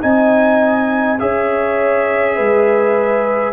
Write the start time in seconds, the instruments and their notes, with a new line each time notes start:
0.00 tuba C4, trombone D#4, horn D#5, trumpet G#5
1.19 tuba C#4, trombone G#4, horn C#5, trumpet E5
2.36 tuba G#3, horn B4